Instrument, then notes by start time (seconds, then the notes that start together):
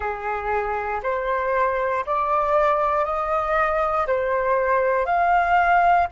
flute
0.00 G#4
1.03 C5
2.06 D5
3.05 D#5
4.06 C5
5.05 F5